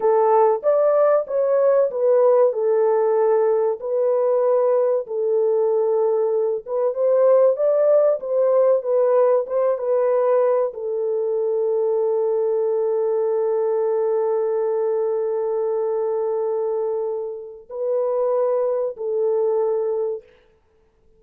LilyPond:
\new Staff \with { instrumentName = "horn" } { \time 4/4 \tempo 4 = 95 a'4 d''4 cis''4 b'4 | a'2 b'2 | a'2~ a'8 b'8 c''4 | d''4 c''4 b'4 c''8 b'8~ |
b'4 a'2.~ | a'1~ | a'1 | b'2 a'2 | }